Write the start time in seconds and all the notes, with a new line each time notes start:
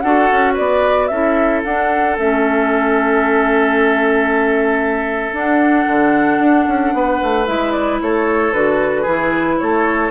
0.00 D4 F#4 A4 F#5
0.32 C#4
0.53 B3 B4 D5
1.08 C#4 E4 A4 E5
1.64 D4 F#5
2.17 A3 C#4 E5
5.32 D4 F#5
5.87 D3
6.39 D4
6.67 C#4
6.93 B3 B4
7.22 A3
7.46 G#3 E4 E5
7.71 D5
8.01 A3 A4 C#5
8.53 D3 F#4 B4
9.02 E3 E4 G#4
9.59 A3 A4 C#5